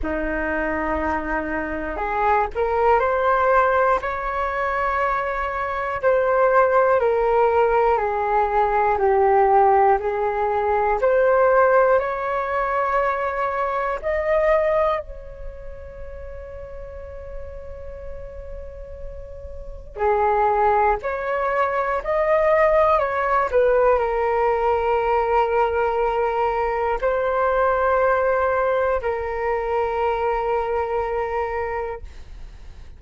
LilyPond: \new Staff \with { instrumentName = "flute" } { \time 4/4 \tempo 4 = 60 dis'2 gis'8 ais'8 c''4 | cis''2 c''4 ais'4 | gis'4 g'4 gis'4 c''4 | cis''2 dis''4 cis''4~ |
cis''1 | gis'4 cis''4 dis''4 cis''8 b'8 | ais'2. c''4~ | c''4 ais'2. | }